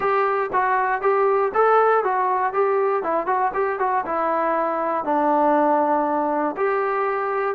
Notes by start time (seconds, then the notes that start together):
0.00 G4
0.52 F#4
1.01 G4
1.54 A4
2.04 F#4
2.53 G4
3.03 E4
3.26 F#4
3.53 G4
3.79 F#4
4.05 E4
5.04 D4
6.56 G4